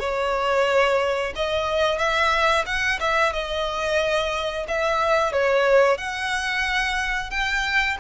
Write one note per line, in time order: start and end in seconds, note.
0.00 1.33 C#5
1.36 1.98 D#5
1.98 2.65 E5
2.66 2.99 F#5
3.00 3.33 E5
3.33 4.66 D#5
4.68 5.33 E5
5.33 5.98 C#5
5.98 7.31 F#5
7.31 7.97 G5